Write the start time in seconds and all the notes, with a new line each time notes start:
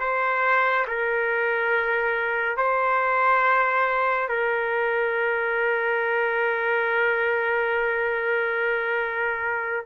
0.00 C5
0.88 A#4
2.57 C5
4.29 A#4